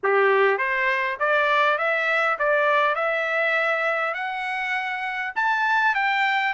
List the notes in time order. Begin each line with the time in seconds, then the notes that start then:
0.03 G4
0.58 C5
1.19 D5
1.78 E5
2.38 D5
2.95 E5
4.13 F#5
5.35 A5
5.95 G5